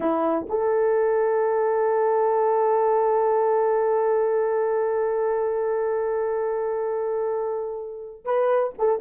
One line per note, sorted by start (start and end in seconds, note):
0.00 0.47 E4
0.49 8.24 A4
8.24 8.73 B4
8.78 9.00 A4